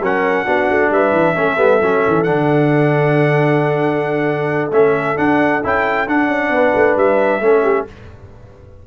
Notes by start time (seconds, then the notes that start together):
0.00 F#3 C#4 A#4 F#5
0.45 B3 D4 F#4
0.70 A3
0.90 G3 B4 E5
1.12 E3
1.35 A3 C#4 A4
1.57 G3 B3
1.81 F#3 C#4
2.07 E3
2.23 D3 D4 F#5
4.71 A3 C#4 E5
5.16 D4 F#5
5.64 C#4 E4 G5
6.07 D4 F#5
6.27 C#4
6.49 B3 B4
6.75 A3
6.96 G3 E5
7.40 A3 C#4 A4
7.63 G4